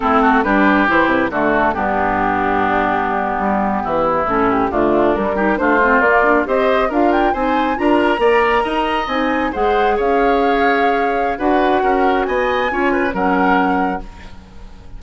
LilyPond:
<<
  \new Staff \with { instrumentName = "flute" } { \time 4/4 \tempo 4 = 137 a'4 b'4 c''8 b'8 a'4 | g'1~ | g'4.~ g'16 a'8 g'8 f'4 ais'16~ | ais'8. c''4 d''4 dis''4 f''16~ |
f''16 g''8 gis''4 ais''2~ ais''16~ | ais''8. gis''4 fis''4 f''4~ f''16~ | f''2 fis''2 | gis''2 fis''2 | }
  \new Staff \with { instrumentName = "oboe" } { \time 4/4 e'8 fis'8 g'2 fis'4 | d'1~ | d'8. e'2 d'4~ d'16~ | d'16 g'8 f'2 c''4 ais'16~ |
ais'8. c''4 ais'4 d''4 dis''16~ | dis''4.~ dis''16 c''4 cis''4~ cis''16~ | cis''2 b'4 ais'4 | dis''4 cis''8 b'8 ais'2 | }
  \new Staff \with { instrumentName = "clarinet" } { \time 4/4 c'4 d'4 e'4 a4 | b1~ | b4.~ b16 cis'4 a4 g16~ | g16 dis'8 d'8 c'8 ais8 d'8 g'4 f'16~ |
f'8. dis'4 f'4 ais'4~ ais'16~ | ais'8. dis'4 gis'2~ gis'16~ | gis'2 fis'2~ | fis'4 f'4 cis'2 | }
  \new Staff \with { instrumentName = "bassoon" } { \time 4/4 a4 g4 e8 c8 d4 | g,2.~ g,8. g16~ | g8. e4 a,4 d4 g16~ | g8. a4 ais4 c'4 d'16~ |
d'8. c'4 d'4 ais4 dis'16~ | dis'8. c'4 gis4 cis'4~ cis'16~ | cis'2 d'4 cis'4 | b4 cis'4 fis2 | }
>>